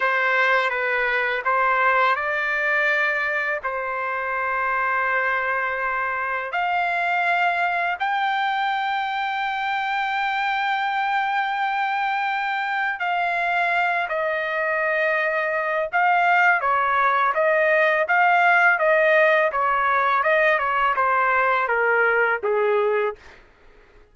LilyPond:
\new Staff \with { instrumentName = "trumpet" } { \time 4/4 \tempo 4 = 83 c''4 b'4 c''4 d''4~ | d''4 c''2.~ | c''4 f''2 g''4~ | g''1~ |
g''2 f''4. dis''8~ | dis''2 f''4 cis''4 | dis''4 f''4 dis''4 cis''4 | dis''8 cis''8 c''4 ais'4 gis'4 | }